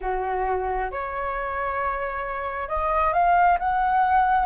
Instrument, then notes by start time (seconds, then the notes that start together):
flute
0.00 F#4
0.91 C#5
2.68 D#5
3.13 F5
3.59 F#5